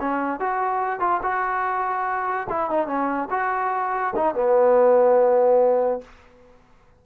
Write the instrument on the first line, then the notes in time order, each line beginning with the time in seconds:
trombone
0.00 C#4
0.40 F#4
1.00 F4
1.23 F#4
2.50 E4
2.70 D#4
2.87 C#4
3.30 F#4
4.16 D#4
4.34 B3